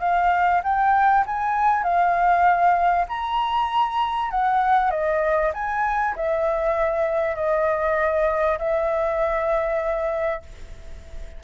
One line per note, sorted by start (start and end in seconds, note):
0.00 0.61 F5
0.63 1.24 G5
1.26 1.83 G#5
1.83 3.06 F5
3.08 4.30 A#5
4.30 4.91 F#5
4.91 5.52 D#5
5.54 6.15 G#5
6.16 7.36 E5
7.36 8.58 D#5
8.59 10.42 E5